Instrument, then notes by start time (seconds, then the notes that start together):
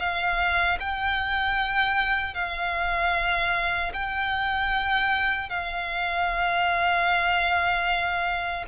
violin
0.00 F5
0.80 G5
2.35 F5
3.94 G5
5.50 F5